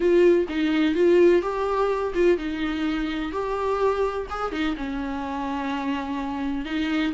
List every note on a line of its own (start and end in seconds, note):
0.00 0.46 F4
0.48 0.94 D#4
0.94 1.42 F4
1.42 2.13 G4
2.14 2.37 F4
2.37 3.31 D#4
3.31 4.27 G4
4.30 4.52 G#4
4.52 4.75 D#4
4.77 6.65 C#4
6.65 7.13 D#4